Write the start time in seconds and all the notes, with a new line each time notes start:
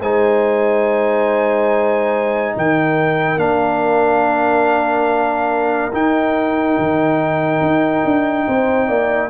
0.00 G#3 D#4 C5 G#5
2.56 D#3 A#4 G5
3.37 A#3 D4 F5
5.92 D#4 G5
6.78 D#3
7.61 D#4
8.04 D4
8.48 C4 C5
8.87 A#3 D5